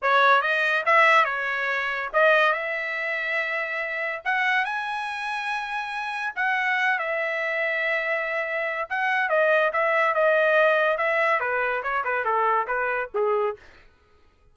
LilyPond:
\new Staff \with { instrumentName = "trumpet" } { \time 4/4 \tempo 4 = 142 cis''4 dis''4 e''4 cis''4~ | cis''4 dis''4 e''2~ | e''2 fis''4 gis''4~ | gis''2. fis''4~ |
fis''8 e''2.~ e''8~ | e''4 fis''4 dis''4 e''4 | dis''2 e''4 b'4 | cis''8 b'8 a'4 b'4 gis'4 | }